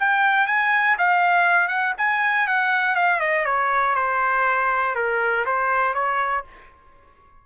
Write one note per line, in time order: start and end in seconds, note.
0.00 0.47 G5
0.47 0.97 G#5
0.98 1.68 F5
1.68 1.93 F#5
1.98 2.48 G#5
2.48 2.96 F#5
2.96 3.20 F5
3.20 3.45 D#5
3.46 3.96 C#5
3.96 4.95 C5
4.95 5.45 A#4
5.46 5.94 C5
5.94 6.44 C#5